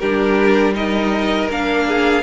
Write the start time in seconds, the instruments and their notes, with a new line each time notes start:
0.00 cello G3, viola D4, violin G4 A#4
0.74 viola D#4, violin A#4 D#5
1.50 cello A#3, viola D4, violin F5
1.88 violin G#4